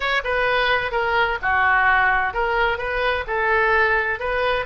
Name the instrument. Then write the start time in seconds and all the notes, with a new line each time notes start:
oboe
0.00 C#5
0.24 B4
0.91 A#4
1.42 F#4
2.33 A#4
2.78 B4
3.27 A4
4.19 B4